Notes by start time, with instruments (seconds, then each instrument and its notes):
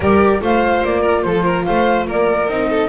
0.00 double bass G3, viola G4, violin A#4, flute D5
0.40 double bass A3, viola F4, violin C5, flute F5
0.84 double bass A#3, flute D5
1.01 violin A#4
1.22 double bass F3, violin A4, flute C5
1.45 violin A#4
1.64 double bass A3, violin C5, flute F5
2.06 double bass A#3, violin A#4, flute D5
2.48 double bass C4, viola D#4, flute D#5
2.69 violin A4